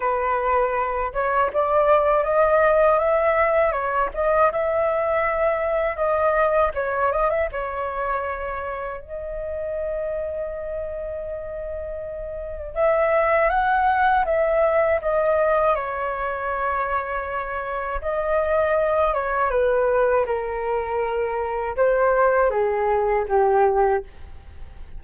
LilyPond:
\new Staff \with { instrumentName = "flute" } { \time 4/4 \tempo 4 = 80 b'4. cis''8 d''4 dis''4 | e''4 cis''8 dis''8 e''2 | dis''4 cis''8 dis''16 e''16 cis''2 | dis''1~ |
dis''4 e''4 fis''4 e''4 | dis''4 cis''2. | dis''4. cis''8 b'4 ais'4~ | ais'4 c''4 gis'4 g'4 | }